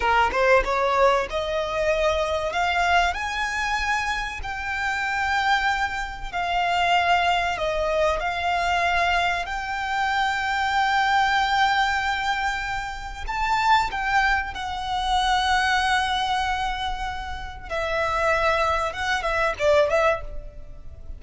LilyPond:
\new Staff \with { instrumentName = "violin" } { \time 4/4 \tempo 4 = 95 ais'8 c''8 cis''4 dis''2 | f''4 gis''2 g''4~ | g''2 f''2 | dis''4 f''2 g''4~ |
g''1~ | g''4 a''4 g''4 fis''4~ | fis''1 | e''2 fis''8 e''8 d''8 e''8 | }